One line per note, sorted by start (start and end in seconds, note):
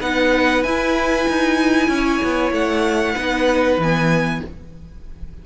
0.00 0.63 B3
0.00 0.64 D#4
0.00 1.89 B4
0.00 0.63 F#5
0.63 1.26 E4
0.63 3.17 E4
0.63 2.52 G#5
1.29 1.88 D#4
1.88 2.19 C#4
1.88 3.15 C#5
2.23 2.51 B3
2.51 3.14 A3
2.51 3.80 F#5
3.15 3.77 B3
3.15 3.80 D#4
3.15 4.41 B4
3.77 4.40 E3
3.77 4.46 B3
3.77 4.46 G#5